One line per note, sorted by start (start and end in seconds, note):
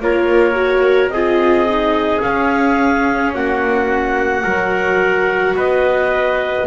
0.00 1.08 A#3
0.00 0.55 F4
0.00 1.13 A#4
0.00 1.09 C#5
0.55 1.10 F#4
1.08 2.19 C4
1.08 3.35 G#4
1.08 2.21 D#5
1.15 1.68 F4
1.68 2.20 D#4
2.20 4.42 C#4
2.20 3.34 C#4
2.20 3.33 F5
3.34 4.44 A#3
3.34 4.43 F#4
3.34 5.56 F#5
4.42 5.55 F#3
4.42 6.64 F#4
4.42 5.54 A#4
5.55 6.66 B3
5.55 6.67 B4
5.55 6.67 D#5